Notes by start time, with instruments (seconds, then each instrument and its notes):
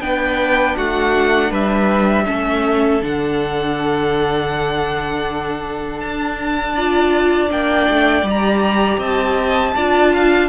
0.00 cello B3, viola D4, violin B4 G5
0.77 cello A3, violin F#4 F#5
1.50 cello G3, violin B4 E5
2.25 cello A3, viola C#4, violin A4
3.02 cello D3, viola D4, violin F#5
6.00 cello D4, violin A5
6.75 viola F4, violin D5
7.48 cello A#3, viola D4, violin G5
7.89 cello A3
8.22 cello G3, viola G4
8.30 violin A#5
8.97 cello C4, violin D#5 A5
9.75 cello D4, viola F4, violin D5
10.13 violin F5